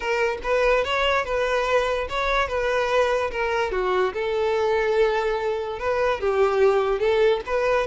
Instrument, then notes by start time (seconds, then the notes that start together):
violin
0.00 A#4
0.43 B4
0.84 C#5
1.25 B4
2.09 C#5
2.48 B4
3.31 A#4
3.71 F#4
4.13 A4
5.79 B4
6.20 G4
6.99 A4
7.46 B4